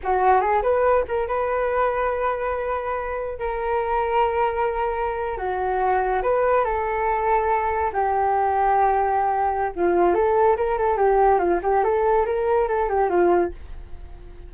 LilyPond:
\new Staff \with { instrumentName = "flute" } { \time 4/4 \tempo 4 = 142 fis'4 gis'8 b'4 ais'8 b'4~ | b'1 | ais'1~ | ais'8. fis'2 b'4 a'16~ |
a'2~ a'8. g'4~ g'16~ | g'2. f'4 | a'4 ais'8 a'8 g'4 f'8 g'8 | a'4 ais'4 a'8 g'8 f'4 | }